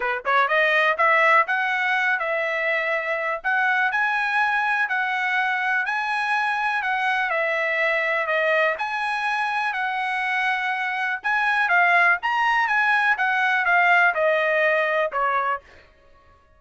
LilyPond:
\new Staff \with { instrumentName = "trumpet" } { \time 4/4 \tempo 4 = 123 b'8 cis''8 dis''4 e''4 fis''4~ | fis''8 e''2~ e''8 fis''4 | gis''2 fis''2 | gis''2 fis''4 e''4~ |
e''4 dis''4 gis''2 | fis''2. gis''4 | f''4 ais''4 gis''4 fis''4 | f''4 dis''2 cis''4 | }